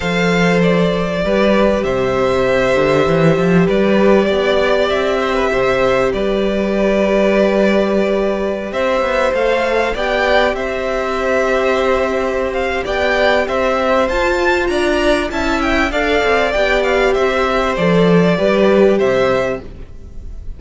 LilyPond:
<<
  \new Staff \with { instrumentName = "violin" } { \time 4/4 \tempo 4 = 98 f''4 d''2 e''4~ | e''2 d''2 | e''2 d''2~ | d''2~ d''16 e''4 f''8.~ |
f''16 g''4 e''2~ e''8.~ | e''8 f''8 g''4 e''4 a''4 | ais''4 a''8 g''8 f''4 g''8 f''8 | e''4 d''2 e''4 | }
  \new Staff \with { instrumentName = "violin" } { \time 4/4 c''2 b'4 c''4~ | c''2 b'4 d''4~ | d''8 c''16 b'16 c''4 b'2~ | b'2~ b'16 c''4.~ c''16~ |
c''16 d''4 c''2~ c''8.~ | c''4 d''4 c''2 | d''4 e''4 d''2 | c''2 b'4 c''4 | }
  \new Staff \with { instrumentName = "viola" } { \time 4/4 a'2 g'2~ | g'1~ | g'1~ | g'2.~ g'16 a'8.~ |
a'16 g'2.~ g'8.~ | g'2. f'4~ | f'4 e'4 a'4 g'4~ | g'4 a'4 g'2 | }
  \new Staff \with { instrumentName = "cello" } { \time 4/4 f2 g4 c4~ | c8 d8 e8 f8 g4 b4 | c'4 c4 g2~ | g2~ g16 c'8 b8 a8.~ |
a16 b4 c'2~ c'8.~ | c'4 b4 c'4 f'4 | d'4 cis'4 d'8 c'8 b4 | c'4 f4 g4 c4 | }
>>